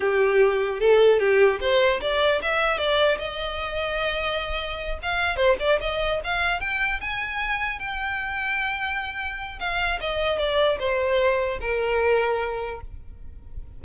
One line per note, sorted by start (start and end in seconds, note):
0.00 0.80 G4
0.80 1.19 A4
1.19 1.59 G4
1.60 2.00 C5
2.01 2.41 D5
2.41 2.77 E5
2.77 3.17 D5
3.18 4.98 D#5
5.02 5.36 F5
5.36 5.56 C5
5.59 5.79 D5
5.81 6.21 D#5
6.24 6.60 F5
6.60 7.00 G5
7.00 7.79 G#5
7.79 9.59 G5
9.59 9.99 F5
10.00 10.38 D#5
10.38 10.78 D5
10.79 11.59 C5
11.61 12.81 A#4